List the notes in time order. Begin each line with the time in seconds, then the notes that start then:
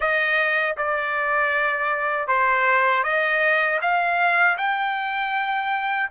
0.00 D#5
0.77 D5
2.28 C5
3.03 D#5
3.81 F5
4.57 G5